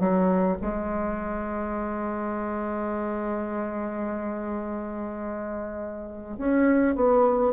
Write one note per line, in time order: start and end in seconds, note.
0.00 0.58 F#3
0.61 6.38 G#3
6.38 6.95 C#4
6.96 7.54 B3